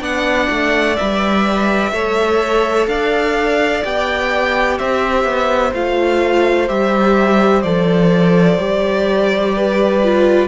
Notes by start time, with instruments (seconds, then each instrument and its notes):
0.00 cello B3, viola D4, violin D5 F#5
0.49 cello A3
0.96 cello G3, viola B4, violin E5
1.91 cello A3, viola A4, violin C#5
2.87 cello D4, violin D5 F5
3.83 cello B3, viola G4, violin G5
4.78 cello C4, violin C5 E5
5.24 cello B3
5.73 cello A3, viola F4, violin F5
6.68 cello G3, viola G4, violin E5
7.62 cello F3, viola A4, violin D5
8.58 cello G3, viola G4
9.56 violin B4
10.03 viola F4